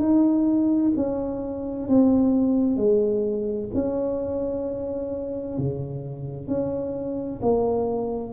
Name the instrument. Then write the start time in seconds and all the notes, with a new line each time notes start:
tuba
0.00 D#4
0.97 C#4
1.89 C4
2.77 G#3
3.75 C#4
5.58 C#3
6.48 C#4
7.42 A#3